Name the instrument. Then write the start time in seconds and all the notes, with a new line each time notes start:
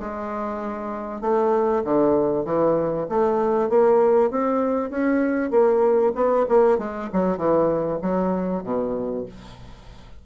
bassoon
0.00 G#3
1.21 A3
1.84 D3
2.45 E3
3.10 A3
3.70 A#3
4.31 C4
4.90 C#4
5.51 A#3
6.15 B3
6.49 A#3
6.79 G#3
7.13 F#3
7.38 E3
8.02 F#3
8.64 B2